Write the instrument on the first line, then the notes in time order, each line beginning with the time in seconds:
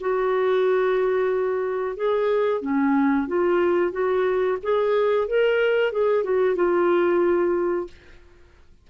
clarinet
0.00 F#4
1.96 G#4
2.61 C#4
3.27 F4
3.92 F#4
4.63 G#4
5.28 A#4
5.92 G#4
6.24 F#4
6.55 F4